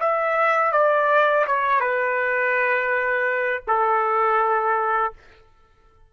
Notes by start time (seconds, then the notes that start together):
0.00 E5
0.73 D5
1.47 C#5
1.81 B4
3.68 A4